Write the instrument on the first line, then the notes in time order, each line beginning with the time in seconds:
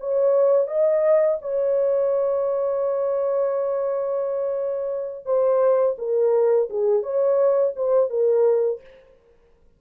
horn
0.00 C#5
0.68 D#5
1.42 C#5
5.26 C5
5.98 A#4
6.70 G#4
7.03 C#5
7.76 C5
8.10 A#4